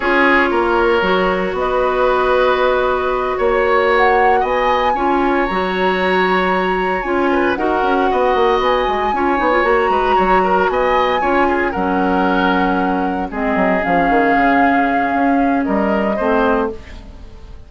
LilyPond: <<
  \new Staff \with { instrumentName = "flute" } { \time 4/4 \tempo 4 = 115 cis''2. dis''4~ | dis''2~ dis''8 cis''4 fis''8~ | fis''8 gis''2 ais''4.~ | ais''4. gis''4 fis''4.~ |
fis''8 gis''2 ais''4.~ | ais''8 gis''2 fis''4.~ | fis''4. dis''4 f''4.~ | f''2 dis''2 | }
  \new Staff \with { instrumentName = "oboe" } { \time 4/4 gis'4 ais'2 b'4~ | b'2~ b'8 cis''4.~ | cis''8 dis''4 cis''2~ cis''8~ | cis''2 b'8 ais'4 dis''8~ |
dis''4. cis''4. b'8 cis''8 | ais'8 dis''4 cis''8 gis'8 ais'4.~ | ais'4. gis'2~ gis'8~ | gis'2 ais'4 c''4 | }
  \new Staff \with { instrumentName = "clarinet" } { \time 4/4 f'2 fis'2~ | fis'1~ | fis'4. f'4 fis'4.~ | fis'4. f'4 fis'4.~ |
fis'4. f'8 dis'16 f'16 fis'4.~ | fis'4. f'4 cis'4.~ | cis'4. c'4 cis'4.~ | cis'2. c'4 | }
  \new Staff \with { instrumentName = "bassoon" } { \time 4/4 cis'4 ais4 fis4 b4~ | b2~ b8 ais4.~ | ais8 b4 cis'4 fis4.~ | fis4. cis'4 dis'8 cis'8 b8 |
ais8 b8 gis8 cis'8 b8 ais8 gis8 fis8~ | fis8 b4 cis'4 fis4.~ | fis4. gis8 fis8 f8 dis8 cis8~ | cis4 cis'4 g4 a4 | }
>>